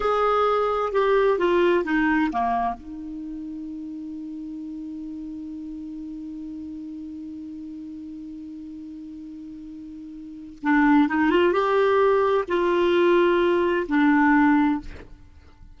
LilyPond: \new Staff \with { instrumentName = "clarinet" } { \time 4/4 \tempo 4 = 130 gis'2 g'4 f'4 | dis'4 ais4 dis'2~ | dis'1~ | dis'1~ |
dis'1~ | dis'2. d'4 | dis'8 f'8 g'2 f'4~ | f'2 d'2 | }